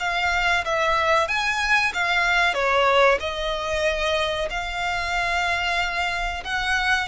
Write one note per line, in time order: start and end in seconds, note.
0.00 0.65 F5
0.65 1.28 E5
1.28 1.93 G#5
1.94 2.55 F5
2.55 3.19 C#5
3.20 4.49 D#5
4.50 6.44 F5
6.45 7.08 F#5